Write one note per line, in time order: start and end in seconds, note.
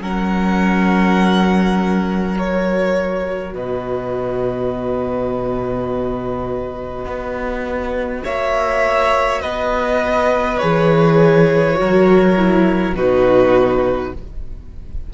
0.00 3.53 F#3
0.00 2.35 C#4
0.00 3.53 A#4
0.00 2.37 F#5
2.35 10.58 F#4
2.35 3.55 C#5
3.53 7.05 B2
3.53 8.24 B4
3.53 8.25 D#5
7.05 8.23 B3
8.24 9.44 A#3
8.24 9.42 C#5
8.24 9.41 E5
9.41 10.61 B3
9.41 11.77 B4
9.41 10.58 D#5
10.58 11.80 E3
10.58 11.74 G#4
10.58 12.93 C#5
11.74 12.33 F#4
11.80 12.95 F#3
11.80 12.96 A#4
12.37 12.95 E4
12.95 14.12 B2
12.95 14.13 D#4
12.95 14.13 F#4
12.95 14.13 B4